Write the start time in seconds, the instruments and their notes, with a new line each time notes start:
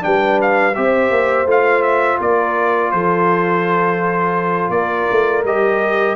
0.00 tuba G3, trombone D4, horn B4, trumpet G5
0.41 trumpet F5
0.74 tuba C4, trombone G4, horn C5, trumpet E5
1.10 tuba A#3
1.45 tuba A3, trombone F4, trumpet F5
1.82 trumpet E5
2.20 tuba A#3, horn A#4, trumpet D5
2.91 tuba F3, horn A4, trumpet C5
4.69 tuba A#3, horn A#4, trumpet D5
5.11 tuba A3
5.44 tuba G3, trombone G4, trumpet D#5